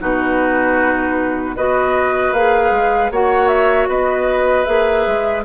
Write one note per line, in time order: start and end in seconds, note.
0.00 1.57 B2
0.00 1.56 D#4
0.00 1.56 F#4
0.00 1.57 B4
1.56 2.32 B3
1.56 2.35 F#4
1.56 3.12 B4
1.56 2.33 D#5
2.32 2.71 A#3
2.32 3.13 G#4
2.32 3.11 F5
2.71 3.10 G#3
3.11 3.88 A#3
3.11 4.66 F#4
3.11 3.89 C#5
3.11 3.48 F#5
3.48 3.87 E5
3.88 4.66 B3
3.88 5.45 B4
3.88 4.65 D#5
4.65 5.07 A#3
4.65 5.44 G#4
4.65 5.43 E5
5.07 5.45 G#3